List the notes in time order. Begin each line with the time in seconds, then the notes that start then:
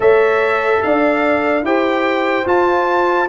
0.00 A3 A4 C#5 E5
0.82 D4 D5 F5
1.62 E4 G4 C5 G5
2.45 F4 A5